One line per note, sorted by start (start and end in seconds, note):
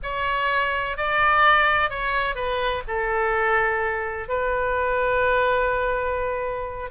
0.02 0.97 C#5
0.97 1.90 D5
1.90 2.35 C#5
2.35 2.82 B4
2.87 4.28 A4
4.28 6.90 B4